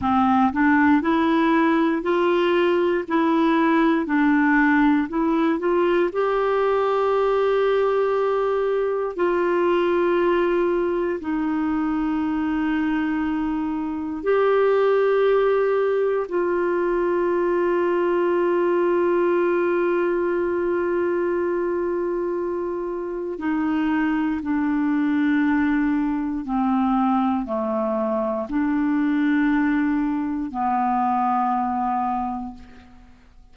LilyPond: \new Staff \with { instrumentName = "clarinet" } { \time 4/4 \tempo 4 = 59 c'8 d'8 e'4 f'4 e'4 | d'4 e'8 f'8 g'2~ | g'4 f'2 dis'4~ | dis'2 g'2 |
f'1~ | f'2. dis'4 | d'2 c'4 a4 | d'2 b2 | }